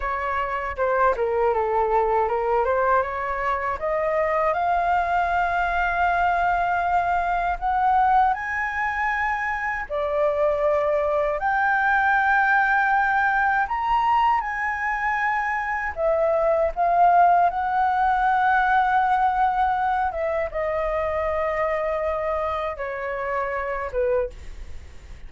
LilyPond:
\new Staff \with { instrumentName = "flute" } { \time 4/4 \tempo 4 = 79 cis''4 c''8 ais'8 a'4 ais'8 c''8 | cis''4 dis''4 f''2~ | f''2 fis''4 gis''4~ | gis''4 d''2 g''4~ |
g''2 ais''4 gis''4~ | gis''4 e''4 f''4 fis''4~ | fis''2~ fis''8 e''8 dis''4~ | dis''2 cis''4. b'8 | }